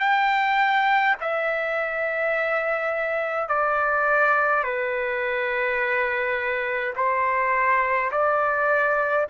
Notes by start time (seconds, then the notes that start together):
0.00 G5
1.21 E5
3.48 D5
4.63 B4
6.95 C5
8.11 D5